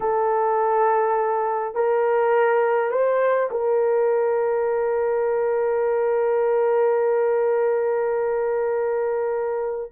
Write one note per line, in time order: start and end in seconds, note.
0.00 1.74 A4
1.74 2.91 A#4
2.91 3.49 C5
3.50 9.91 A#4